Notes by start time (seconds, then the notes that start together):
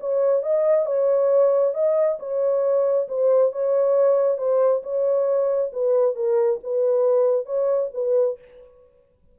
0.00 C#5
0.43 D#5
0.86 C#5
1.74 D#5
2.19 C#5
3.08 C5
3.52 C#5
4.38 C5
4.83 C#5
5.73 B4
6.15 A#4
6.63 B4
7.46 C#5
7.94 B4